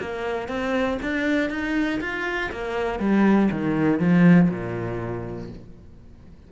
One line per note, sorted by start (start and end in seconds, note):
0.00 0.48 A#3
0.48 0.98 C4
1.02 1.50 D4
1.50 2.00 D#4
2.00 2.50 F4
2.52 2.99 A#3
2.99 3.49 G3
3.51 3.99 D#3
3.99 4.49 F3
4.50 5.50 A#2